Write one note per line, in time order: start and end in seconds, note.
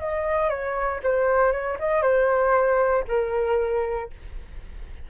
0.00 0.49 D#5
0.49 1.00 C#5
1.03 1.52 C5
1.52 1.78 C#5
1.79 2.02 D#5
2.02 3.04 C5
3.08 4.10 A#4